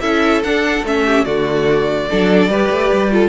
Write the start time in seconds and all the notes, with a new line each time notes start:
0.00 C#4 E4 A4 E5
0.43 D4 F#5
0.83 A3 C#4 E5
1.05 G4
1.24 D3 A3 F#4 D5
2.10 F#3 D4 A4
2.48 G3 G4 B4
2.69 A3
2.92 G3
3.11 F4 A4